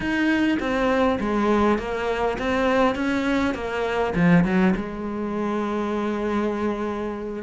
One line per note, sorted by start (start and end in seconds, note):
0.00 0.58 D#4
0.59 1.19 C4
1.20 1.78 G#3
1.78 2.37 A#3
2.38 2.95 C4
2.95 3.54 C#4
3.54 4.13 A#3
4.15 4.44 F3
4.44 4.74 F#3
4.76 7.43 G#3